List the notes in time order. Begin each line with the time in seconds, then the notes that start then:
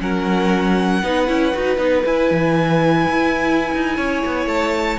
0.00 F#3 C#4 A#4 F#5
1.03 B3 D#4 B4
1.28 C#4 E4
1.54 D#4 F#4
1.78 B3 D#4
2.06 E4 G#5
2.31 E3
3.08 E4
3.75 D#4
3.97 C#4 C#5
4.26 B3
4.47 A3 A5